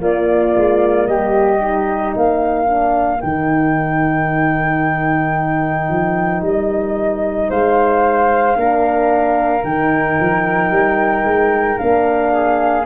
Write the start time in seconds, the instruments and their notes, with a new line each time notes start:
0.00 tuba A#3, horn A#3, flute F4 D5
0.56 tuba G#3
1.06 tuba G3, flute G4 D#5
1.60 horn D#4
2.15 tuba A#3, flute A#4 F5
2.65 horn D4
3.21 tuba D#3, horn D#4, flute G5
5.89 tuba F3
6.42 tuba G3, flute D#5
7.50 tuba G#3, flute C5 F5
8.55 tuba A#3, horn D4, flute A#4
9.64 tuba D#3, horn D#4, flute G5
10.20 tuba F3
10.70 tuba G3
11.24 tuba G#3
11.78 tuba A#3, horn D4, flute F5
12.33 flute G#4